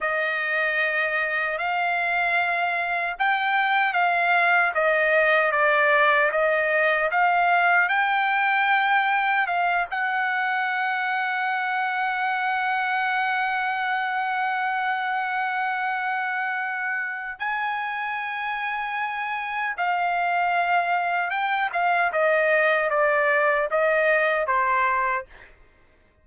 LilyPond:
\new Staff \with { instrumentName = "trumpet" } { \time 4/4 \tempo 4 = 76 dis''2 f''2 | g''4 f''4 dis''4 d''4 | dis''4 f''4 g''2 | f''8 fis''2.~ fis''8~ |
fis''1~ | fis''2 gis''2~ | gis''4 f''2 g''8 f''8 | dis''4 d''4 dis''4 c''4 | }